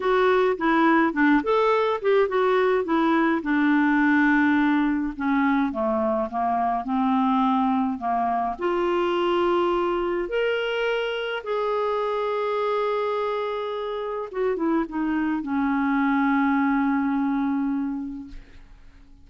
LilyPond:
\new Staff \with { instrumentName = "clarinet" } { \time 4/4 \tempo 4 = 105 fis'4 e'4 d'8 a'4 g'8 | fis'4 e'4 d'2~ | d'4 cis'4 a4 ais4 | c'2 ais4 f'4~ |
f'2 ais'2 | gis'1~ | gis'4 fis'8 e'8 dis'4 cis'4~ | cis'1 | }